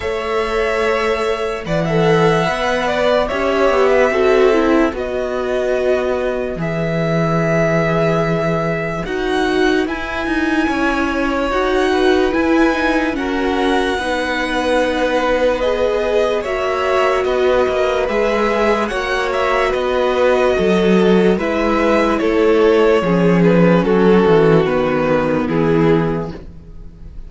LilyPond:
<<
  \new Staff \with { instrumentName = "violin" } { \time 4/4 \tempo 4 = 73 e''2 fis''2 | e''2 dis''2 | e''2. fis''4 | gis''2 fis''4 gis''4 |
fis''2. dis''4 | e''4 dis''4 e''4 fis''8 e''8 | dis''2 e''4 cis''4~ | cis''8 b'8 a'4 b'4 gis'4 | }
  \new Staff \with { instrumentName = "violin" } { \time 4/4 cis''2 d''16 e''4~ e''16 d''8 | cis''8. b'16 a'4 b'2~ | b'1~ | b'4 cis''4. b'4. |
ais'4 b'2. | cis''4 b'2 cis''4 | b'4 a'4 b'4 a'4 | gis'4 fis'2 e'4 | }
  \new Staff \with { instrumentName = "viola" } { \time 4/4 a'2 b'16 a'8. b'4 | g'4 fis'8 e'8 fis'2 | gis'2. fis'4 | e'2 fis'4 e'8 dis'8 |
cis'4 dis'2 gis'4 | fis'2 gis'4 fis'4~ | fis'2 e'2 | cis'2 b2 | }
  \new Staff \with { instrumentName = "cello" } { \time 4/4 a2 e4 b4 | cis'8 b8 c'4 b2 | e2. dis'4 | e'8 dis'8 cis'4 dis'4 e'4 |
fis'4 b2. | ais4 b8 ais8 gis4 ais4 | b4 fis4 gis4 a4 | f4 fis8 e8 dis4 e4 | }
>>